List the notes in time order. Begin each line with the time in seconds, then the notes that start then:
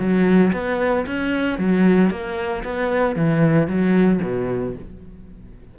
0.00 F#3
0.53 B3
1.07 C#4
1.59 F#3
2.11 A#3
2.64 B3
3.16 E3
3.68 F#3
4.23 B2